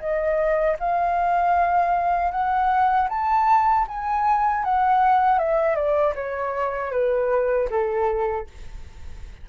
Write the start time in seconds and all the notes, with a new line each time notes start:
0.00 D#5
0.80 F5
2.31 F#5
3.09 A5
3.88 G#5
4.65 F#5
5.39 E5
5.76 D5
6.15 C#5
6.92 B4
7.70 A4